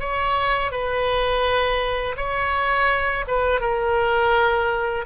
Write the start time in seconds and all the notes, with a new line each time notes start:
0.00 C#5
0.71 B4
2.17 C#5
3.27 B4
3.61 A#4